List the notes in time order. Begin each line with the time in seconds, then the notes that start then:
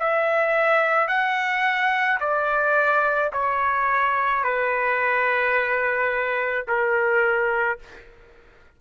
0.00 E5
1.08 F#5
2.21 D5
3.33 C#5
4.44 B4
6.68 A#4